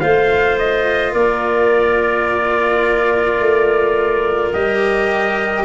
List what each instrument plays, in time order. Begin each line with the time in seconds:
0.00 tuba A3, cello F4, clarinet C5, trumpet F5
0.58 trumpet D#5
1.12 tuba A#3, clarinet A#4, trumpet D5
3.39 tuba A3
4.53 tuba G3, cello G4, trumpet D#5